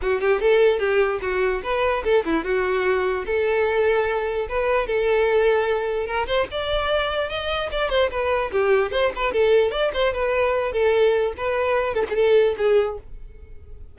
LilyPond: \new Staff \with { instrumentName = "violin" } { \time 4/4 \tempo 4 = 148 fis'8 g'8 a'4 g'4 fis'4 | b'4 a'8 e'8 fis'2 | a'2. b'4 | a'2. ais'8 c''8 |
d''2 dis''4 d''8 c''8 | b'4 g'4 c''8 b'8 a'4 | d''8 c''8 b'4. a'4. | b'4. a'16 gis'16 a'4 gis'4 | }